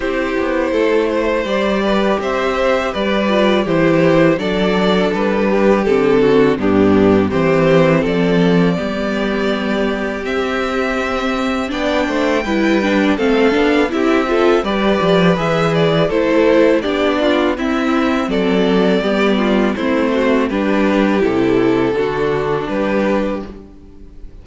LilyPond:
<<
  \new Staff \with { instrumentName = "violin" } { \time 4/4 \tempo 4 = 82 c''2 d''4 e''4 | d''4 c''4 d''4 b'4 | a'4 g'4 c''4 d''4~ | d''2 e''2 |
g''2 f''4 e''4 | d''4 e''8 d''8 c''4 d''4 | e''4 d''2 c''4 | b'4 a'2 b'4 | }
  \new Staff \with { instrumentName = "violin" } { \time 4/4 g'4 a'8 c''4 b'8 c''4 | b'4 g'4 a'4. g'8~ | g'8 fis'8 d'4 g'4 a'4 | g'1 |
d''8 c''8 b'4 a'4 g'8 a'8 | b'2 a'4 g'8 f'8 | e'4 a'4 g'8 f'8 e'8 fis'8 | g'2 fis'4 g'4 | }
  \new Staff \with { instrumentName = "viola" } { \time 4/4 e'2 g'2~ | g'8 f'8 e'4 d'2 | c'4 b4 c'2 | b2 c'2 |
d'4 e'8 d'8 c'8 d'8 e'8 f'8 | g'4 gis'4 e'4 d'4 | c'2 b4 c'4 | d'4 e'4 d'2 | }
  \new Staff \with { instrumentName = "cello" } { \time 4/4 c'8 b8 a4 g4 c'4 | g4 e4 fis4 g4 | d4 g,4 e4 f4 | g2 c'2 |
b8 a8 g4 a8 b8 c'4 | g8 f8 e4 a4 b4 | c'4 fis4 g4 a4 | g4 c4 d4 g4 | }
>>